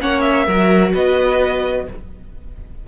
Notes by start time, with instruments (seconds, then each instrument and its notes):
0.00 cello A#3, viola C#4, violin C#5 F#5
0.20 violin E5
0.46 cello F#3, viola F#4, violin A#4
0.93 cello B3, violin B4 D#5